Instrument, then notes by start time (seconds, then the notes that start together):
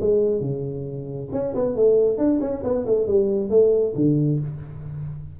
tuba
0.00 G#3
0.41 C#3
1.32 C#4
1.55 B3
1.76 A3
2.18 D4
2.40 C#4
2.64 B3
2.86 A3
3.07 G3
3.50 A3
3.95 D3